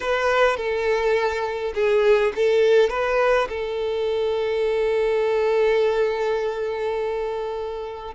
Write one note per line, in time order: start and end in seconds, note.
0.00 0.56 B4
0.56 1.73 A4
1.74 2.32 G#4
2.35 2.89 A4
2.89 3.48 B4
3.48 8.14 A4